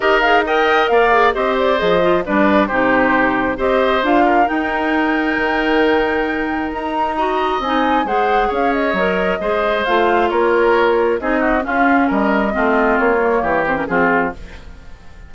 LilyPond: <<
  \new Staff \with { instrumentName = "flute" } { \time 4/4 \tempo 4 = 134 dis''8 f''8 g''4 f''4 dis''8 d''8 | dis''4 d''4 c''2 | dis''4 f''4 g''2~ | g''2. ais''4~ |
ais''4 gis''4 fis''4 f''8 dis''8~ | dis''2 f''4 cis''4~ | cis''4 dis''4 f''4 dis''4~ | dis''4 cis''4. c''16 ais'16 gis'4 | }
  \new Staff \with { instrumentName = "oboe" } { \time 4/4 ais'4 dis''4 d''4 c''4~ | c''4 b'4 g'2 | c''4. ais'2~ ais'8~ | ais'1 |
dis''2 c''4 cis''4~ | cis''4 c''2 ais'4~ | ais'4 gis'8 fis'8 f'4 ais'4 | f'2 g'4 f'4 | }
  \new Staff \with { instrumentName = "clarinet" } { \time 4/4 g'8 gis'8 ais'4. gis'8 g'4 | gis'8 f'8 d'4 dis'2 | g'4 f'4 dis'2~ | dis'1 |
fis'4 dis'4 gis'2 | ais'4 gis'4 f'2~ | f'4 dis'4 cis'2 | c'4. ais4 c'16 cis'16 c'4 | }
  \new Staff \with { instrumentName = "bassoon" } { \time 4/4 dis'2 ais4 c'4 | f4 g4 c2 | c'4 d'4 dis'2 | dis2. dis'4~ |
dis'4 c'4 gis4 cis'4 | fis4 gis4 a4 ais4~ | ais4 c'4 cis'4 g4 | a4 ais4 e4 f4 | }
>>